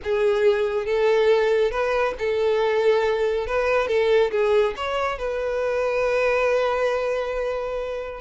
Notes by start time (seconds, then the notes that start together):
0.03 G#4
0.85 A4
1.71 B4
2.18 A4
3.46 B4
3.87 A4
4.31 G#4
4.76 C#5
5.18 B4